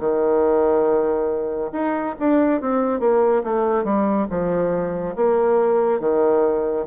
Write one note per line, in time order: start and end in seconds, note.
0.00 1.71 D#3
1.73 2.15 D#4
2.20 2.61 D4
2.61 3.00 C4
3.00 3.43 A#3
3.44 3.85 A3
3.85 4.27 G3
4.30 5.16 F3
5.16 6.00 A#3
6.00 6.86 D#3